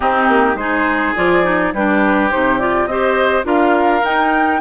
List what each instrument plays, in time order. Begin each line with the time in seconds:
0.00 clarinet C4, bassoon C4, oboe D#4, flute G4
0.28 bassoon A#3
0.54 bassoon G#3, clarinet D#4, oboe G#4, flute C5
1.15 bassoon F3, clarinet F4, flute D5
1.43 clarinet D#4
1.73 bassoon G3, clarinet D4, oboe G4, flute B4
2.31 bassoon C3, clarinet D#4, flute C5
2.58 clarinet F4, flute D5
2.86 bassoon C4, clarinet G4, oboe C5, flute D#5
3.43 bassoon D4, clarinet F4, oboe A#4, flute F5
4.03 bassoon D#4, clarinet D#4, flute G5